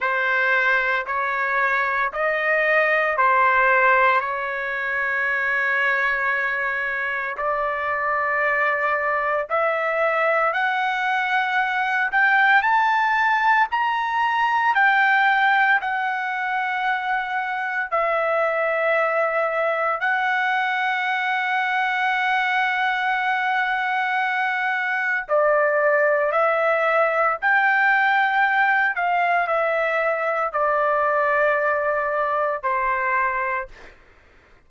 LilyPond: \new Staff \with { instrumentName = "trumpet" } { \time 4/4 \tempo 4 = 57 c''4 cis''4 dis''4 c''4 | cis''2. d''4~ | d''4 e''4 fis''4. g''8 | a''4 ais''4 g''4 fis''4~ |
fis''4 e''2 fis''4~ | fis''1 | d''4 e''4 g''4. f''8 | e''4 d''2 c''4 | }